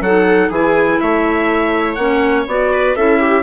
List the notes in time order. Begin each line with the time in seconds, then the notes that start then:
0.00 F#3 D#4 A4 F#5
0.49 E3 E4 G#4 G#5
1.00 A3 C#5 E5
1.94 A#3 C#4 F#5
2.47 B3 F#4 D5
2.73 B4
2.96 C#4 E4 A4 E5
3.20 G4